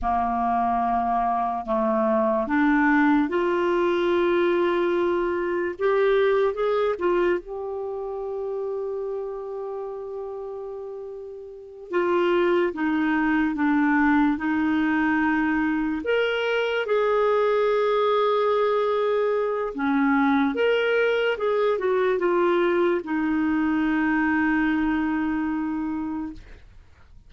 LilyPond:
\new Staff \with { instrumentName = "clarinet" } { \time 4/4 \tempo 4 = 73 ais2 a4 d'4 | f'2. g'4 | gis'8 f'8 g'2.~ | g'2~ g'8 f'4 dis'8~ |
dis'8 d'4 dis'2 ais'8~ | ais'8 gis'2.~ gis'8 | cis'4 ais'4 gis'8 fis'8 f'4 | dis'1 | }